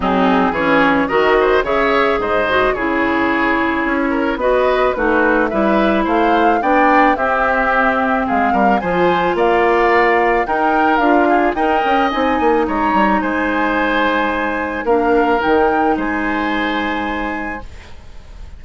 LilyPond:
<<
  \new Staff \with { instrumentName = "flute" } { \time 4/4 \tempo 4 = 109 gis'4 cis''4 dis''4 e''4 | dis''4 cis''2. | dis''4 b'4 e''4 f''4 | g''4 e''2 f''4 |
gis''4 f''2 g''4 | f''4 g''4 gis''4 ais''4 | gis''2. f''4 | g''4 gis''2. | }
  \new Staff \with { instrumentName = "oboe" } { \time 4/4 dis'4 gis'4 ais'8 c''8 cis''4 | c''4 gis'2~ gis'8 ais'8 | b'4 fis'4 b'4 c''4 | d''4 g'2 gis'8 ais'8 |
c''4 d''2 ais'4~ | ais'8 gis'8 dis''2 cis''4 | c''2. ais'4~ | ais'4 c''2. | }
  \new Staff \with { instrumentName = "clarinet" } { \time 4/4 c'4 cis'4 fis'4 gis'4~ | gis'8 fis'8 e'2. | fis'4 dis'4 e'2 | d'4 c'2. |
f'2. dis'4 | f'4 ais'4 dis'2~ | dis'2. d'4 | dis'1 | }
  \new Staff \with { instrumentName = "bassoon" } { \time 4/4 fis4 e4 dis4 cis4 | gis,4 cis2 cis'4 | b4 a4 g4 a4 | b4 c'2 gis8 g8 |
f4 ais2 dis'4 | d'4 dis'8 cis'8 c'8 ais8 gis8 g8 | gis2. ais4 | dis4 gis2. | }
>>